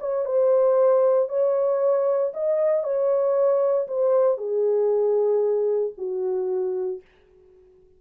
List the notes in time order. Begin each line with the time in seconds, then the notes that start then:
0.00 C#5
0.25 C5
1.29 C#5
2.33 D#5
2.84 C#5
3.87 C5
4.38 G#4
5.98 F#4